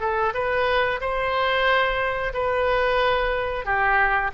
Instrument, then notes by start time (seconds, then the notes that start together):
oboe
0.00 A4
0.34 B4
1.01 C5
2.33 B4
3.65 G4